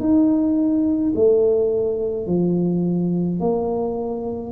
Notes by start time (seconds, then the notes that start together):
0.00 D#4
1.16 A3
2.26 F3
3.40 A#3